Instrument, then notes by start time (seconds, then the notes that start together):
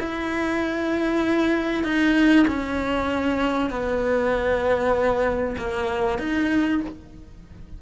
cello
0.00 E4
1.84 D#4
2.47 C#4
3.70 B3
5.58 A#3
6.19 D#4